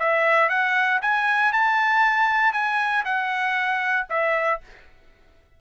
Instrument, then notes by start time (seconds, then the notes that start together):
trumpet
0.00 E5
0.49 F#5
1.02 G#5
1.52 A5
2.53 G#5
3.05 F#5
4.10 E5